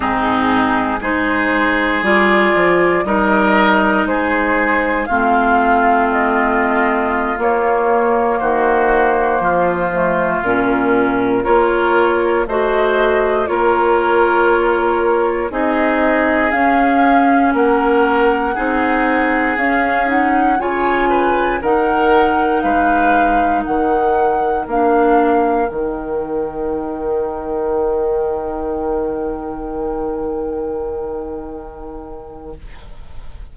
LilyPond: <<
  \new Staff \with { instrumentName = "flute" } { \time 4/4 \tempo 4 = 59 gis'4 c''4 d''4 dis''4 | c''4 f''4 dis''4~ dis''16 cis''8.~ | cis''16 c''2 ais'4 cis''8.~ | cis''16 dis''4 cis''2 dis''8.~ |
dis''16 f''4 fis''2 f''8 fis''16~ | fis''16 gis''4 fis''4 f''4 fis''8.~ | fis''16 f''4 g''2~ g''8.~ | g''1 | }
  \new Staff \with { instrumentName = "oboe" } { \time 4/4 dis'4 gis'2 ais'4 | gis'4 f'2.~ | f'16 fis'4 f'2 ais'8.~ | ais'16 c''4 ais'2 gis'8.~ |
gis'4~ gis'16 ais'4 gis'4.~ gis'16~ | gis'16 cis''8 b'8 ais'4 b'4 ais'8.~ | ais'1~ | ais'1 | }
  \new Staff \with { instrumentName = "clarinet" } { \time 4/4 c'4 dis'4 f'4 dis'4~ | dis'4 c'2~ c'16 ais8.~ | ais4.~ ais16 a8 cis'4 f'8.~ | f'16 fis'4 f'2 dis'8.~ |
dis'16 cis'2 dis'4 cis'8 dis'16~ | dis'16 f'4 dis'2~ dis'8.~ | dis'16 d'4 dis'2~ dis'8.~ | dis'1 | }
  \new Staff \with { instrumentName = "bassoon" } { \time 4/4 gis,4 gis4 g8 f8 g4 | gis4 a2~ a16 ais8.~ | ais16 dis4 f4 ais,4 ais8.~ | ais16 a4 ais2 c'8.~ |
c'16 cis'4 ais4 c'4 cis'8.~ | cis'16 cis4 dis4 gis4 dis8.~ | dis16 ais4 dis2~ dis8.~ | dis1 | }
>>